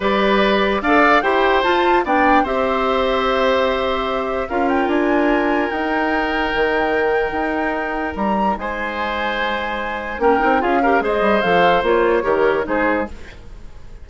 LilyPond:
<<
  \new Staff \with { instrumentName = "flute" } { \time 4/4 \tempo 4 = 147 d''2 f''4 g''4 | a''4 g''4 e''2~ | e''2. f''8 g''8 | gis''2 g''2~ |
g''1 | ais''4 gis''2.~ | gis''4 g''4 f''4 dis''4 | f''4 cis''2 c''4 | }
  \new Staff \with { instrumentName = "oboe" } { \time 4/4 b'2 d''4 c''4~ | c''4 d''4 c''2~ | c''2. ais'4~ | ais'1~ |
ais'1~ | ais'4 c''2.~ | c''4 ais'4 gis'8 ais'8 c''4~ | c''2 ais'4 gis'4 | }
  \new Staff \with { instrumentName = "clarinet" } { \time 4/4 g'2 a'4 g'4 | f'4 d'4 g'2~ | g'2. f'4~ | f'2 dis'2~ |
dis'1~ | dis'1~ | dis'4 cis'8 dis'8 f'8 g'8 gis'4 | a'4 f'4 g'4 dis'4 | }
  \new Staff \with { instrumentName = "bassoon" } { \time 4/4 g2 d'4 e'4 | f'4 b4 c'2~ | c'2. cis'4 | d'2 dis'2 |
dis2 dis'2 | g4 gis2.~ | gis4 ais8 c'8 cis'4 gis8 g8 | f4 ais4 dis4 gis4 | }
>>